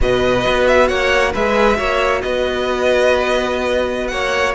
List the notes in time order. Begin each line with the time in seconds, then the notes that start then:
0.00 B2 F#4 B4 D#5
0.47 B3
0.67 E5
0.87 A#3 C#5 F#5
1.32 G#3 G#4 B4 E5
1.75 A#3 F#4 C#5
2.21 B3 B4 D#5
4.07 A#3 C#5 F#5